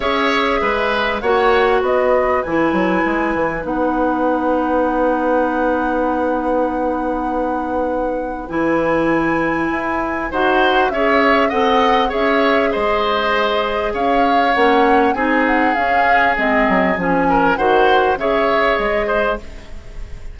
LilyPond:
<<
  \new Staff \with { instrumentName = "flute" } { \time 4/4 \tempo 4 = 99 e''2 fis''4 dis''4 | gis''2 fis''2~ | fis''1~ | fis''2 gis''2~ |
gis''4 fis''4 e''4 fis''4 | e''4 dis''2 f''4 | fis''4 gis''8 fis''8 f''4 dis''4 | gis''4 fis''4 e''4 dis''4 | }
  \new Staff \with { instrumentName = "oboe" } { \time 4/4 cis''4 b'4 cis''4 b'4~ | b'1~ | b'1~ | b'1~ |
b'4 c''4 cis''4 dis''4 | cis''4 c''2 cis''4~ | cis''4 gis'2.~ | gis'8 ais'8 c''4 cis''4. c''8 | }
  \new Staff \with { instrumentName = "clarinet" } { \time 4/4 gis'2 fis'2 | e'2 dis'2~ | dis'1~ | dis'2 e'2~ |
e'4 fis'4 gis'4 a'4 | gis'1 | cis'4 dis'4 cis'4 c'4 | cis'4 fis'4 gis'2 | }
  \new Staff \with { instrumentName = "bassoon" } { \time 4/4 cis'4 gis4 ais4 b4 | e8 fis8 gis8 e8 b2~ | b1~ | b2 e2 |
e'4 dis'4 cis'4 c'4 | cis'4 gis2 cis'4 | ais4 c'4 cis'4 gis8 fis8 | f4 dis4 cis4 gis4 | }
>>